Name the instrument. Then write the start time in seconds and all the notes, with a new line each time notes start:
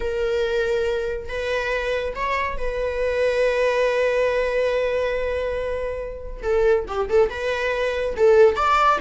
viola
0.00 A#4
1.28 B4
2.15 C#5
2.57 B4
6.42 A4
6.87 G4
7.09 A4
7.29 B4
8.16 A4
8.56 D5